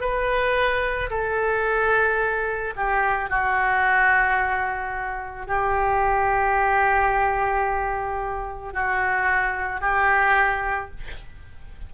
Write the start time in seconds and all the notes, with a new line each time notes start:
0.00 B4
1.10 A4
2.76 G4
3.29 F#4
5.46 G4
8.73 F#4
9.80 G4